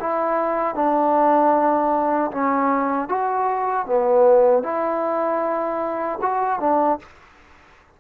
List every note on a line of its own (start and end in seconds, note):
0.00 0.75 E4
0.75 2.31 D4
2.31 3.09 C#4
3.09 3.86 F#4
3.86 4.63 B3
4.63 6.19 E4
6.21 6.60 F#4
6.60 6.99 D4